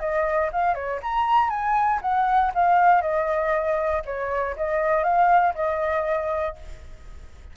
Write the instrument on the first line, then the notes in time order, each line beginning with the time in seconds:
flute
0.00 D#5
0.53 F5
0.75 C#5
1.03 A#5
1.50 G#5
2.02 F#5
2.55 F5
3.02 D#5
4.06 C#5
4.57 D#5
5.04 F5
5.56 D#5